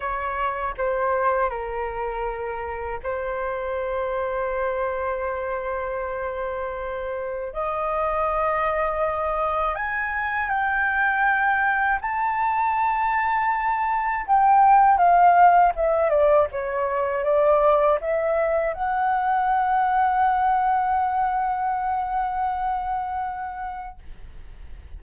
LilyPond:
\new Staff \with { instrumentName = "flute" } { \time 4/4 \tempo 4 = 80 cis''4 c''4 ais'2 | c''1~ | c''2 dis''2~ | dis''4 gis''4 g''2 |
a''2. g''4 | f''4 e''8 d''8 cis''4 d''4 | e''4 fis''2.~ | fis''1 | }